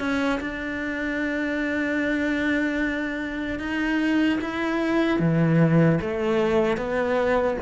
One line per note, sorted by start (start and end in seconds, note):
0.00 0.40 C#4
0.41 3.60 D4
3.60 4.40 D#4
4.42 5.20 E4
5.20 6.00 E3
6.01 6.77 A3
6.77 7.57 B3